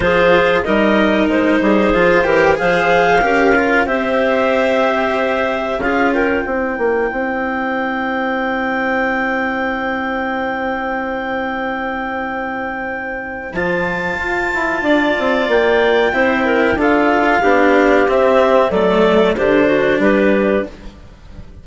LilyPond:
<<
  \new Staff \with { instrumentName = "clarinet" } { \time 4/4 \tempo 4 = 93 c''4 dis''4 c''2 | f''2 e''2~ | e''4 f''8 g''2~ g''8~ | g''1~ |
g''1~ | g''4 a''2. | g''2 f''2 | e''4 d''4 c''4 b'4 | }
  \new Staff \with { instrumentName = "clarinet" } { \time 4/4 gis'4 ais'4. gis'4 ais'8 | c''4 ais'4 c''2~ | c''4 gis'8 ais'8 c''2~ | c''1~ |
c''1~ | c''2. d''4~ | d''4 c''8 ais'8 a'4 g'4~ | g'4 a'4 g'8 fis'8 g'4 | }
  \new Staff \with { instrumentName = "cello" } { \time 4/4 f'4 dis'2 f'8 g'8 | gis'4 g'8 f'8 g'2~ | g'4 f'4 e'2~ | e'1~ |
e'1~ | e'4 f'2.~ | f'4 e'4 f'4 d'4 | c'4 a4 d'2 | }
  \new Staff \with { instrumentName = "bassoon" } { \time 4/4 f4 g4 gis8 g8 f8 e8 | f4 cis'4 c'2~ | c'4 cis'4 c'8 ais8 c'4~ | c'1~ |
c'1~ | c'4 f4 f'8 e'8 d'8 c'8 | ais4 c'4 d'4 b4 | c'4 fis4 d4 g4 | }
>>